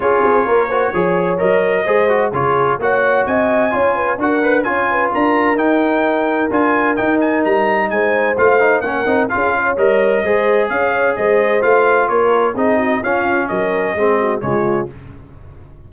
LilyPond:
<<
  \new Staff \with { instrumentName = "trumpet" } { \time 4/4 \tempo 4 = 129 cis''2. dis''4~ | dis''4 cis''4 fis''4 gis''4~ | gis''4 fis''4 gis''4 ais''4 | g''2 gis''4 g''8 gis''8 |
ais''4 gis''4 f''4 fis''4 | f''4 dis''2 f''4 | dis''4 f''4 cis''4 dis''4 | f''4 dis''2 cis''4 | }
  \new Staff \with { instrumentName = "horn" } { \time 4/4 gis'4 ais'8 c''8 cis''2 | c''4 gis'4 cis''4 dis''4 | cis''8 b'8 ais'4 cis''8 b'8 ais'4~ | ais'1~ |
ais'4 c''2 ais'4 | gis'8 cis''4. c''4 cis''4 | c''2 ais'4 gis'8 fis'8 | f'4 ais'4 gis'8 fis'8 f'4 | }
  \new Staff \with { instrumentName = "trombone" } { \time 4/4 f'4. fis'8 gis'4 ais'4 | gis'8 fis'8 f'4 fis'2 | f'4 fis'8 b'8 f'2 | dis'2 f'4 dis'4~ |
dis'2 f'8 dis'8 cis'8 dis'8 | f'4 ais'4 gis'2~ | gis'4 f'2 dis'4 | cis'2 c'4 gis4 | }
  \new Staff \with { instrumentName = "tuba" } { \time 4/4 cis'8 c'8 ais4 f4 fis4 | gis4 cis4 ais4 c'4 | cis'4 d'4 cis'4 d'4 | dis'2 d'4 dis'4 |
g4 gis4 a4 ais8 c'8 | cis'4 g4 gis4 cis'4 | gis4 a4 ais4 c'4 | cis'4 fis4 gis4 cis4 | }
>>